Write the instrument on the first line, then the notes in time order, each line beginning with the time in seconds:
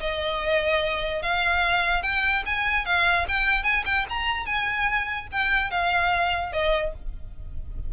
violin
0.00 D#5
1.22 F5
2.02 G5
2.45 G#5
2.85 F5
3.28 G5
3.63 G#5
3.85 G5
4.09 A#5
4.46 G#5
5.31 G5
5.70 F5
6.52 D#5